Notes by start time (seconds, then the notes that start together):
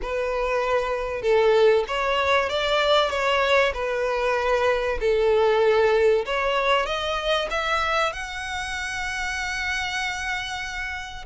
0.02 B4
1.22 A4
1.87 C#5
2.49 D5
3.10 C#5
3.73 B4
5.00 A4
6.25 C#5
6.86 D#5
7.50 E5
8.12 F#5